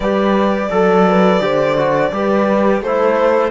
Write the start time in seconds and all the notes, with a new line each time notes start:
0.00 G3 G4 B4 D5
0.70 F#3 A4
1.07 B4
1.40 D3 G4 C5
1.76 F#4
2.11 G3 G4 B4
2.81 A3 E4 A4 C5